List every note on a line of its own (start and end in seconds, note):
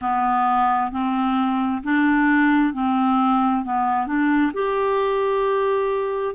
0.01 0.91 B3
0.91 1.82 C4
1.83 2.73 D4
2.73 3.64 C4
3.64 4.06 B3
4.06 4.52 D4
4.53 6.35 G4